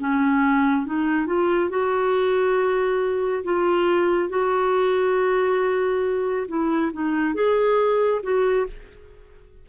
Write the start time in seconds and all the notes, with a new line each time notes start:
0.00 C#4
0.86 D#4
1.26 F4
1.70 F#4
3.44 F4
4.30 F#4
6.48 E4
6.93 D#4
7.35 G#4
8.23 F#4